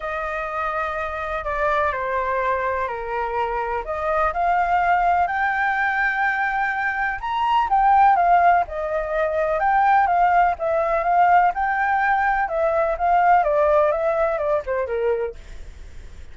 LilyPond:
\new Staff \with { instrumentName = "flute" } { \time 4/4 \tempo 4 = 125 dis''2. d''4 | c''2 ais'2 | dis''4 f''2 g''4~ | g''2. ais''4 |
g''4 f''4 dis''2 | g''4 f''4 e''4 f''4 | g''2 e''4 f''4 | d''4 e''4 d''8 c''8 ais'4 | }